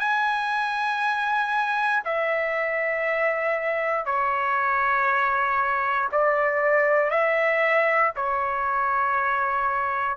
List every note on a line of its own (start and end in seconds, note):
0.00 2.03 G#5
2.05 4.06 E5
4.06 6.10 C#5
6.12 7.11 D5
7.11 8.13 E5
8.16 10.17 C#5